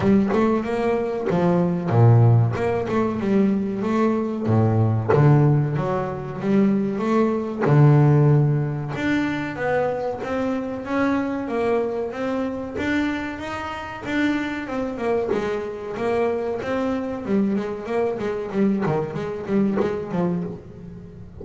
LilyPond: \new Staff \with { instrumentName = "double bass" } { \time 4/4 \tempo 4 = 94 g8 a8 ais4 f4 ais,4 | ais8 a8 g4 a4 a,4 | d4 fis4 g4 a4 | d2 d'4 b4 |
c'4 cis'4 ais4 c'4 | d'4 dis'4 d'4 c'8 ais8 | gis4 ais4 c'4 g8 gis8 | ais8 gis8 g8 dis8 gis8 g8 gis8 f8 | }